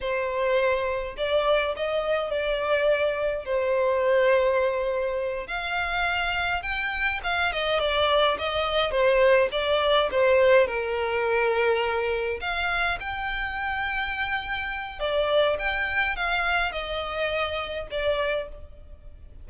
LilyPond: \new Staff \with { instrumentName = "violin" } { \time 4/4 \tempo 4 = 104 c''2 d''4 dis''4 | d''2 c''2~ | c''4. f''2 g''8~ | g''8 f''8 dis''8 d''4 dis''4 c''8~ |
c''8 d''4 c''4 ais'4.~ | ais'4. f''4 g''4.~ | g''2 d''4 g''4 | f''4 dis''2 d''4 | }